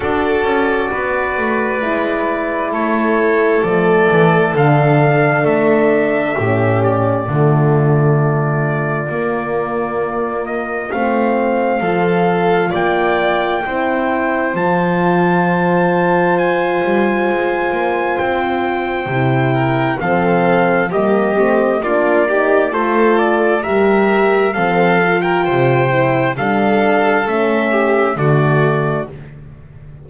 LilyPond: <<
  \new Staff \with { instrumentName = "trumpet" } { \time 4/4 \tempo 4 = 66 d''2. cis''4 | d''4 f''4 e''4. d''8~ | d''2.~ d''8 dis''8 | f''2 g''2 |
a''2 gis''2 | g''2 f''4 dis''4 | d''4 c''8 d''8 e''4 f''8. g''16~ | g''4 f''4 e''4 d''4 | }
  \new Staff \with { instrumentName = "violin" } { \time 4/4 a'4 b'2 a'4~ | a'2. g'4 | f'1~ | f'4 a'4 d''4 c''4~ |
c''1~ | c''4. ais'8 a'4 g'4 | f'8 g'8 a'4 ais'4 a'8. ais'16 | c''4 a'4. g'8 fis'4 | }
  \new Staff \with { instrumentName = "horn" } { \time 4/4 fis'2 e'2 | a4 d'2 cis'4 | a2 ais2 | c'4 f'2 e'4 |
f'1~ | f'4 e'4 c'4 ais8 c'8 | d'8 dis'8 f'4 g'4 c'8 f'8~ | f'8 e'8 d'4 cis'4 a4 | }
  \new Staff \with { instrumentName = "double bass" } { \time 4/4 d'8 cis'8 b8 a8 gis4 a4 | f8 e8 d4 a4 a,4 | d2 ais2 | a4 f4 ais4 c'4 |
f2~ f8 g8 gis8 ais8 | c'4 c4 f4 g8 a8 | ais4 a4 g4 f4 | c4 g4 a4 d4 | }
>>